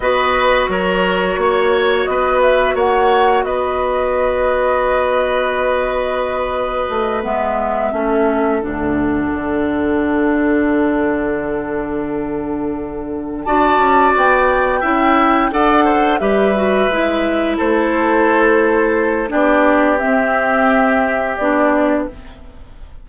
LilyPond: <<
  \new Staff \with { instrumentName = "flute" } { \time 4/4 \tempo 4 = 87 dis''4 cis''2 dis''8 e''8 | fis''4 dis''2.~ | dis''2~ dis''8 e''4.~ | e''8 fis''2.~ fis''8~ |
fis''2.~ fis''8 a''8~ | a''8 g''2 fis''4 e''8~ | e''4. c''2~ c''8 | d''4 e''2 d''4 | }
  \new Staff \with { instrumentName = "oboe" } { \time 4/4 b'4 ais'4 cis''4 b'4 | cis''4 b'2.~ | b'2.~ b'8 a'8~ | a'1~ |
a'2.~ a'8 d''8~ | d''4. e''4 d''8 c''8 b'8~ | b'4. a'2~ a'8 | g'1 | }
  \new Staff \with { instrumentName = "clarinet" } { \time 4/4 fis'1~ | fis'1~ | fis'2~ fis'8 b4 cis'8~ | cis'8 d'2.~ d'8~ |
d'2.~ d'8 fis'8~ | fis'4. e'4 a'4 g'8 | fis'8 e'2.~ e'8 | d'4 c'2 d'4 | }
  \new Staff \with { instrumentName = "bassoon" } { \time 4/4 b4 fis4 ais4 b4 | ais4 b2.~ | b2 a8 gis4 a8~ | a8 d,4 d2~ d8~ |
d2.~ d8 d'8 | cis'8 b4 cis'4 d'4 g8~ | g8 gis4 a2~ a8 | b4 c'2 b4 | }
>>